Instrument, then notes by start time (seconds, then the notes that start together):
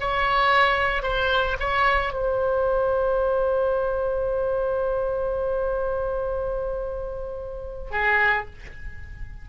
oboe
0.00 C#5
1.02 C5
1.59 C#5
2.13 C5
7.91 G#4